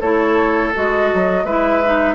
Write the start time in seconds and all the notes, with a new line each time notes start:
0.00 A3 E4 A4 C#5
0.74 G#3 F#4 D#5
1.14 F#3
1.44 G#3 E4 B4 E5
1.84 D#4